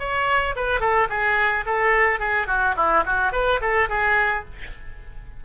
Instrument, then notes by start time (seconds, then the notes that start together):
oboe
0.00 C#5
0.56 B4
0.81 A4
1.10 G#4
1.66 A4
2.20 G#4
2.48 F#4
2.77 E4
3.06 F#4
3.33 B4
3.62 A4
3.89 G#4